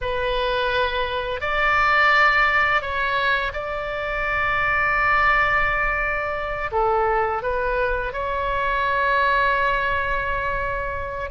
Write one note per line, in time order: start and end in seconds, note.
0.01 1.41 B4
1.41 2.81 D5
2.81 3.52 C#5
3.53 6.70 D5
6.71 7.42 A4
7.42 8.12 B4
8.12 11.30 C#5